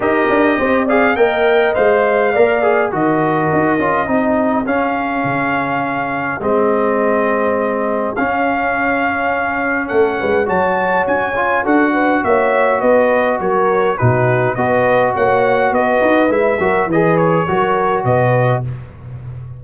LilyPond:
<<
  \new Staff \with { instrumentName = "trumpet" } { \time 4/4 \tempo 4 = 103 dis''4. f''8 g''4 f''4~ | f''4 dis''2. | f''2. dis''4~ | dis''2 f''2~ |
f''4 fis''4 a''4 gis''4 | fis''4 e''4 dis''4 cis''4 | b'4 dis''4 fis''4 dis''4 | e''4 dis''8 cis''4. dis''4 | }
  \new Staff \with { instrumentName = "horn" } { \time 4/4 ais'4 c''8 d''8 dis''2 | d''4 ais'2 gis'4~ | gis'1~ | gis'1~ |
gis'4 a'8 b'8 cis''2 | a'8 b'8 cis''4 b'4 ais'4 | fis'4 b'4 cis''4 b'4~ | b'8 ais'8 b'4 ais'4 b'4 | }
  \new Staff \with { instrumentName = "trombone" } { \time 4/4 g'4. gis'8 ais'4 c''4 | ais'8 gis'8 fis'4. f'8 dis'4 | cis'2. c'4~ | c'2 cis'2~ |
cis'2 fis'4. f'8 | fis'1 | dis'4 fis'2. | e'8 fis'8 gis'4 fis'2 | }
  \new Staff \with { instrumentName = "tuba" } { \time 4/4 dis'8 d'8 c'4 ais4 gis4 | ais4 dis4 dis'8 cis'8 c'4 | cis'4 cis2 gis4~ | gis2 cis'2~ |
cis'4 a8 gis8 fis4 cis'4 | d'4 ais4 b4 fis4 | b,4 b4 ais4 b8 dis'8 | gis8 fis8 e4 fis4 b,4 | }
>>